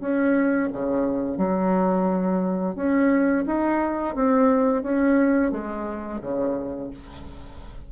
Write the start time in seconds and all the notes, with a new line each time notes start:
0.00 C#4
0.73 C#3
1.38 F#3
2.76 C#4
3.46 D#4
4.15 C4
4.83 C#4
5.51 G#3
6.21 C#3